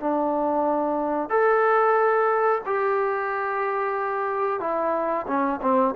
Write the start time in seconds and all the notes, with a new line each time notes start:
0.00 D4
1.30 A4
2.66 G4
4.60 E4
5.27 C#4
5.62 C4